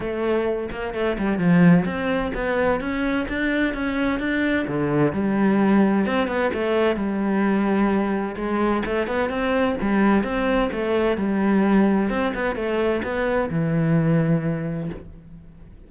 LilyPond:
\new Staff \with { instrumentName = "cello" } { \time 4/4 \tempo 4 = 129 a4. ais8 a8 g8 f4 | c'4 b4 cis'4 d'4 | cis'4 d'4 d4 g4~ | g4 c'8 b8 a4 g4~ |
g2 gis4 a8 b8 | c'4 g4 c'4 a4 | g2 c'8 b8 a4 | b4 e2. | }